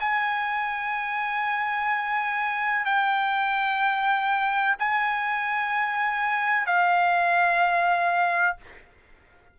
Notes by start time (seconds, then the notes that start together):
0.00 G#5
2.86 G5
4.79 G#5
6.67 F5